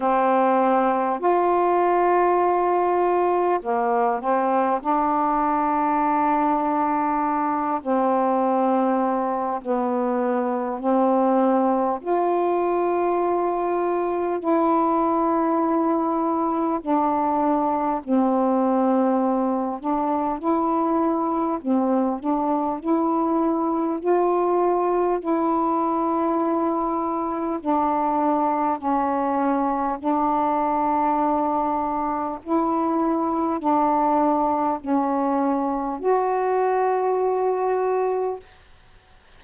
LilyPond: \new Staff \with { instrumentName = "saxophone" } { \time 4/4 \tempo 4 = 50 c'4 f'2 ais8 c'8 | d'2~ d'8 c'4. | b4 c'4 f'2 | e'2 d'4 c'4~ |
c'8 d'8 e'4 c'8 d'8 e'4 | f'4 e'2 d'4 | cis'4 d'2 e'4 | d'4 cis'4 fis'2 | }